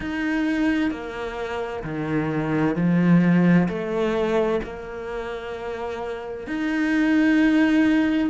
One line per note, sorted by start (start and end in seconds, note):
0.00 0.91 D#4
0.91 1.83 A#3
1.83 2.75 D#3
2.75 3.68 F3
3.68 4.60 A3
4.63 6.47 A#3
6.47 8.30 D#4